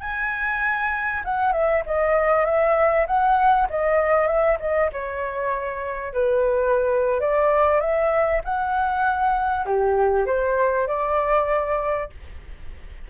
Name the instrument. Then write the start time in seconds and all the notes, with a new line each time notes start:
flute
0.00 G#5
1.24 F#5
1.52 E5
1.86 D#5
2.45 E5
3.06 F#5
3.69 D#5
4.27 E5
4.59 D#5
4.92 C#5
6.13 B4
7.20 D5
7.80 E5
8.44 F#5
9.65 G4
10.26 C5
10.87 D5